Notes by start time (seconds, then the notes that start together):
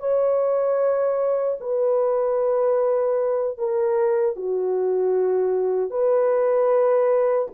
0.00 C#5
1.61 B4
3.58 A#4
4.36 F#4
5.91 B4